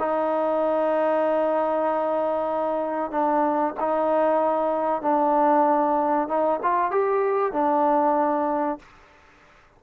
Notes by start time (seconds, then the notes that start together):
0.00 D#4
3.11 D4
3.80 D#4
5.02 D4
6.29 D#4
6.63 F4
6.92 G4
7.53 D4